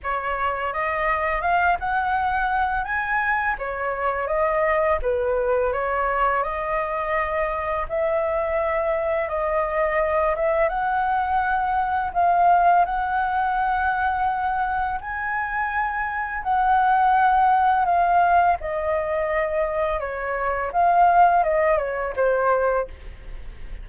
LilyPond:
\new Staff \with { instrumentName = "flute" } { \time 4/4 \tempo 4 = 84 cis''4 dis''4 f''8 fis''4. | gis''4 cis''4 dis''4 b'4 | cis''4 dis''2 e''4~ | e''4 dis''4. e''8 fis''4~ |
fis''4 f''4 fis''2~ | fis''4 gis''2 fis''4~ | fis''4 f''4 dis''2 | cis''4 f''4 dis''8 cis''8 c''4 | }